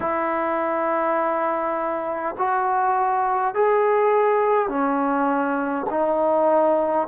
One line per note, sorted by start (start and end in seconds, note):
0.00 2.35 E4
2.37 3.54 F#4
3.54 4.68 G#4
4.68 5.86 C#4
5.90 7.07 D#4